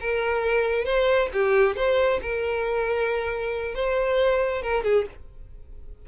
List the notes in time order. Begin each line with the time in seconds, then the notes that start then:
0.00 A#4
0.85 C5
1.33 G4
1.76 C5
2.22 A#4
3.74 C5
4.62 A#4
4.83 G#4